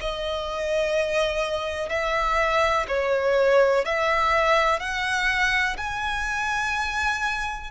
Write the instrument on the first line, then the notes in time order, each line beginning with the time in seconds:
violin
0.00 D#5
1.89 E5
2.88 C#5
3.84 E5
4.79 F#5
5.77 G#5